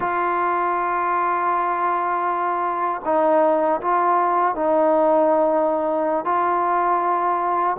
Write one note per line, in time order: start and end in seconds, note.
0.00 3.01 F4
3.04 3.80 D#4
3.81 4.55 F4
4.55 6.25 D#4
6.25 7.76 F4